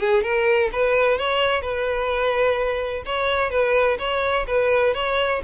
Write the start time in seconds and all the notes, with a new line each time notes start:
0.00 G#4
0.23 A#4
0.73 B4
1.18 C#5
1.62 B4
3.06 C#5
3.51 B4
3.99 C#5
4.47 B4
4.95 C#5